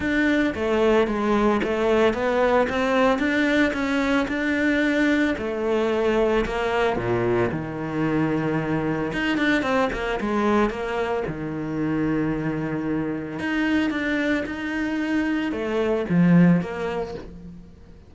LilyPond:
\new Staff \with { instrumentName = "cello" } { \time 4/4 \tempo 4 = 112 d'4 a4 gis4 a4 | b4 c'4 d'4 cis'4 | d'2 a2 | ais4 ais,4 dis2~ |
dis4 dis'8 d'8 c'8 ais8 gis4 | ais4 dis2.~ | dis4 dis'4 d'4 dis'4~ | dis'4 a4 f4 ais4 | }